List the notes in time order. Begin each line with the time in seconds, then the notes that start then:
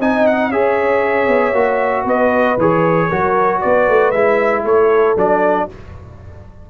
0.00 C4 D#4 D#5 G#5
0.27 F#5
0.51 C#4 G#4 C#5 E5
1.28 B3
1.53 A#3 F#4
2.04 B3 B4 D#5
2.58 E3 G#4 C#5
3.09 F#3 F#4 A#4
3.61 B3 B4 D5
3.89 A3
4.12 G#3 E4 E5
4.64 A3 A4 C#5
5.17 F#3 D4 D5